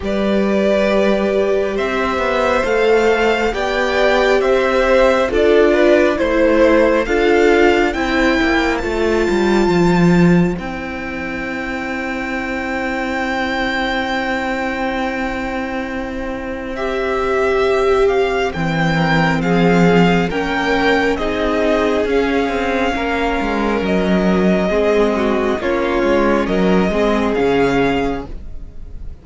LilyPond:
<<
  \new Staff \with { instrumentName = "violin" } { \time 4/4 \tempo 4 = 68 d''2 e''4 f''4 | g''4 e''4 d''4 c''4 | f''4 g''4 a''2 | g''1~ |
g''2. e''4~ | e''8 f''8 g''4 f''4 g''4 | dis''4 f''2 dis''4~ | dis''4 cis''4 dis''4 f''4 | }
  \new Staff \with { instrumentName = "violin" } { \time 4/4 b'2 c''2 | d''4 c''4 a'8 b'8 c''4 | a'4 c''2.~ | c''1~ |
c''1~ | c''4. ais'8 gis'4 ais'4 | gis'2 ais'2 | gis'8 fis'8 f'4 ais'8 gis'4. | }
  \new Staff \with { instrumentName = "viola" } { \time 4/4 g'2. a'4 | g'2 f'4 e'4 | f'4 e'4 f'2 | e'1~ |
e'2. g'4~ | g'4 c'2 cis'4 | dis'4 cis'2. | c'4 cis'4. c'8 cis'4 | }
  \new Staff \with { instrumentName = "cello" } { \time 4/4 g2 c'8 b8 a4 | b4 c'4 d'4 a4 | d'4 c'8 ais8 a8 g8 f4 | c'1~ |
c'1~ | c'4 e4 f4 ais4 | c'4 cis'8 c'8 ais8 gis8 fis4 | gis4 ais8 gis8 fis8 gis8 cis4 | }
>>